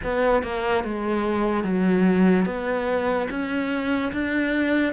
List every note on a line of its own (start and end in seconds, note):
0.03 0.43 B3
0.43 0.84 A#3
0.84 1.64 G#3
1.64 2.45 F#3
2.45 3.28 B3
3.30 4.12 C#4
4.12 4.93 D4